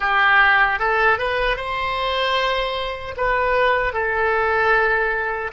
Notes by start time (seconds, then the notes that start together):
0.00 G4
0.79 A4
1.18 B4
1.56 C5
3.16 B4
3.93 A4